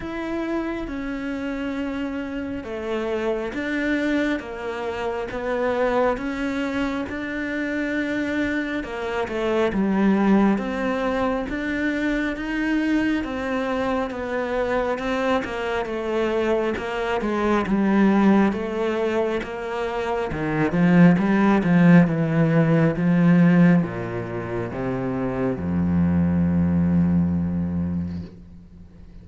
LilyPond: \new Staff \with { instrumentName = "cello" } { \time 4/4 \tempo 4 = 68 e'4 cis'2 a4 | d'4 ais4 b4 cis'4 | d'2 ais8 a8 g4 | c'4 d'4 dis'4 c'4 |
b4 c'8 ais8 a4 ais8 gis8 | g4 a4 ais4 dis8 f8 | g8 f8 e4 f4 ais,4 | c4 f,2. | }